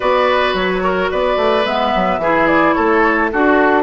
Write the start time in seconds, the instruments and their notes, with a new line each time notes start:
0.00 bassoon B3, clarinet F#4, oboe B4, flute D5
0.53 bassoon F#3, flute C#5
0.83 oboe A#4
1.11 bassoon B3, oboe B4, flute D5
1.36 bassoon A3
1.65 bassoon G#3, clarinet B3, flute E5
1.95 bassoon F#3
2.18 bassoon E3, clarinet E4, oboe G#4
2.47 flute D5
2.73 bassoon A3, oboe A4, flute C#5
3.31 bassoon D4, oboe F#4, clarinet F#4, flute A4